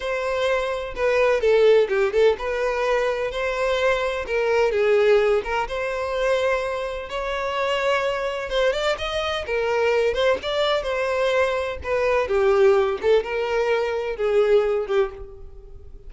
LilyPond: \new Staff \with { instrumentName = "violin" } { \time 4/4 \tempo 4 = 127 c''2 b'4 a'4 | g'8 a'8 b'2 c''4~ | c''4 ais'4 gis'4. ais'8 | c''2. cis''4~ |
cis''2 c''8 d''8 dis''4 | ais'4. c''8 d''4 c''4~ | c''4 b'4 g'4. a'8 | ais'2 gis'4. g'8 | }